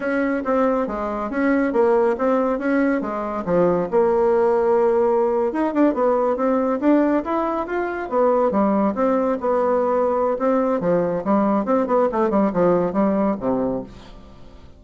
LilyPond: \new Staff \with { instrumentName = "bassoon" } { \time 4/4 \tempo 4 = 139 cis'4 c'4 gis4 cis'4 | ais4 c'4 cis'4 gis4 | f4 ais2.~ | ais8. dis'8 d'8 b4 c'4 d'16~ |
d'8. e'4 f'4 b4 g16~ | g8. c'4 b2~ b16 | c'4 f4 g4 c'8 b8 | a8 g8 f4 g4 c4 | }